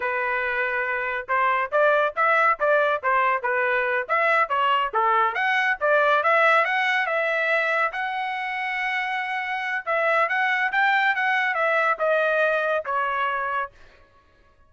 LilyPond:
\new Staff \with { instrumentName = "trumpet" } { \time 4/4 \tempo 4 = 140 b'2. c''4 | d''4 e''4 d''4 c''4 | b'4. e''4 cis''4 a'8~ | a'8 fis''4 d''4 e''4 fis''8~ |
fis''8 e''2 fis''4.~ | fis''2. e''4 | fis''4 g''4 fis''4 e''4 | dis''2 cis''2 | }